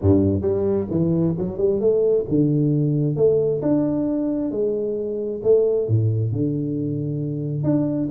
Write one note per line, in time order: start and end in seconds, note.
0.01 0.41 G2
0.41 0.86 G3
0.90 1.35 E3
1.37 1.57 F#3
1.57 1.80 G3
1.80 2.25 A3
2.28 3.16 D3
3.16 3.61 A3
3.62 4.51 D4
4.51 5.41 G#3
5.43 5.87 A3
5.87 6.32 A2
6.32 7.63 D3
7.63 8.09 D4